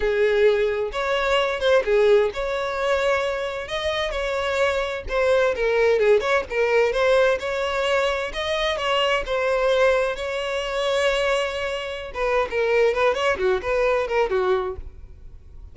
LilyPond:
\new Staff \with { instrumentName = "violin" } { \time 4/4 \tempo 4 = 130 gis'2 cis''4. c''8 | gis'4 cis''2. | dis''4 cis''2 c''4 | ais'4 gis'8 cis''8 ais'4 c''4 |
cis''2 dis''4 cis''4 | c''2 cis''2~ | cis''2~ cis''16 b'8. ais'4 | b'8 cis''8 fis'8 b'4 ais'8 fis'4 | }